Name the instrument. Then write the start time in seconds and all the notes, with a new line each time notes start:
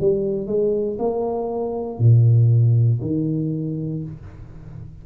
tuba
0.00 G3
0.46 G#3
0.98 A#3
1.98 A#2
3.01 D#3